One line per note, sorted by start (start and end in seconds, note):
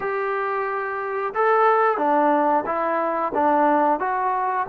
0.00 1.33 G4
1.34 1.97 A4
1.97 2.64 D4
2.65 3.32 E4
3.34 3.99 D4
3.99 4.66 F#4